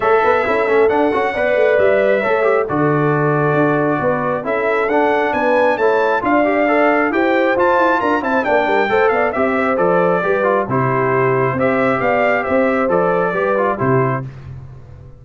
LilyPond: <<
  \new Staff \with { instrumentName = "trumpet" } { \time 4/4 \tempo 4 = 135 e''2 fis''2 | e''2 d''2~ | d''2 e''4 fis''4 | gis''4 a''4 f''2 |
g''4 a''4 ais''8 a''8 g''4~ | g''8 f''8 e''4 d''2 | c''2 e''4 f''4 | e''4 d''2 c''4 | }
  \new Staff \with { instrumentName = "horn" } { \time 4/4 cis''8 b'8 a'2 d''4~ | d''4 cis''4 a'2~ | a'4 b'4 a'2 | b'4 cis''4 d''2 |
c''2 ais'8 c''8 d''8 ais'8 | c''8 d''8 e''8 c''4. b'4 | g'2 c''4 d''4 | c''2 b'4 g'4 | }
  \new Staff \with { instrumentName = "trombone" } { \time 4/4 a'4 e'8 cis'8 d'8 fis'8 b'4~ | b'4 a'8 g'8 fis'2~ | fis'2 e'4 d'4~ | d'4 e'4 f'8 g'8 a'4 |
g'4 f'4. e'8 d'4 | a'4 g'4 a'4 g'8 f'8 | e'2 g'2~ | g'4 a'4 g'8 f'8 e'4 | }
  \new Staff \with { instrumentName = "tuba" } { \time 4/4 a8 b8 cis'8 a8 d'8 cis'8 b8 a8 | g4 a4 d2 | d'4 b4 cis'4 d'4 | b4 a4 d'2 |
e'4 f'8 e'8 d'8 c'8 ais8 g8 | a8 b8 c'4 f4 g4 | c2 c'4 b4 | c'4 f4 g4 c4 | }
>>